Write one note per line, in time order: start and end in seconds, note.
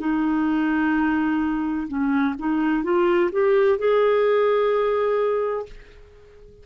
0.00 1.87 D#4
1.88 2.35 C#4
2.39 2.83 D#4
2.83 3.30 F4
3.32 3.78 G4
3.78 5.66 G#4